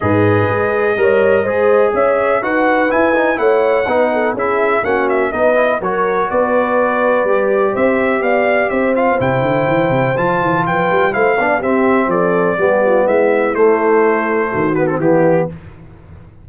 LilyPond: <<
  \new Staff \with { instrumentName = "trumpet" } { \time 4/4 \tempo 4 = 124 dis''1 | e''4 fis''4 gis''4 fis''4~ | fis''4 e''4 fis''8 e''8 dis''4 | cis''4 d''2. |
e''4 f''4 e''8 f''8 g''4~ | g''4 a''4 g''4 f''4 | e''4 d''2 e''4 | c''2~ c''8 b'16 a'16 g'4 | }
  \new Staff \with { instrumentName = "horn" } { \time 4/4 b'2 cis''4 c''4 | cis''4 b'2 cis''4 | b'8 a'8 gis'4 fis'4 b'4 | ais'4 b'2. |
c''4 d''4 c''2~ | c''2 b'4 c''8 d''8 | g'4 a'4 g'8 f'8 e'4~ | e'2 fis'4 e'4 | }
  \new Staff \with { instrumentName = "trombone" } { \time 4/4 gis'2 ais'4 gis'4~ | gis'4 fis'4 e'8 dis'8 e'4 | dis'4 e'4 cis'4 dis'8 e'8 | fis'2. g'4~ |
g'2~ g'8 f'8 e'4~ | e'4 f'2 e'8 d'8 | c'2 b2 | a2~ a8 b16 c'16 b4 | }
  \new Staff \with { instrumentName = "tuba" } { \time 4/4 gis,4 gis4 g4 gis4 | cis'4 dis'4 e'4 a4 | b4 cis'4 ais4 b4 | fis4 b2 g4 |
c'4 b4 c'4 c8 d8 | e8 c8 f8 e8 f8 g8 a8 b8 | c'4 f4 g4 gis4 | a2 dis4 e4 | }
>>